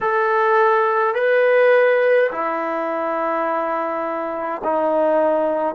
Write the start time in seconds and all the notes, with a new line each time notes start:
0.00 A4
1.14 B4
2.31 E4
4.64 D#4